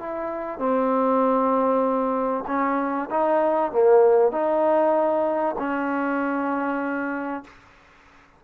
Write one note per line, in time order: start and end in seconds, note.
0.00 0.59 E4
0.59 2.45 C4
2.47 3.09 C#4
3.10 3.72 D#4
3.72 4.32 A#3
4.32 5.56 D#4
5.58 7.44 C#4